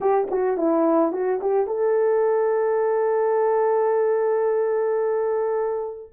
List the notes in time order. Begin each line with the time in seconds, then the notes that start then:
0.00 G4
0.30 F#4
0.57 E4
1.12 F#4
1.40 G4
1.66 A4